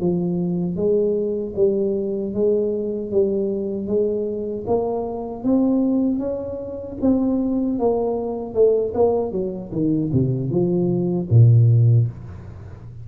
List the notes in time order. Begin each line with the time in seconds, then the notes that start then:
0.00 F3
0.76 G#3
1.55 G3
2.33 G#3
3.11 G3
3.87 G#3
4.67 A#3
5.44 C4
6.19 C#4
7.01 C4
7.79 A#3
8.54 A3
8.94 A#3
9.32 F#3
9.72 D#3
10.13 C3
10.50 F3
11.30 A#2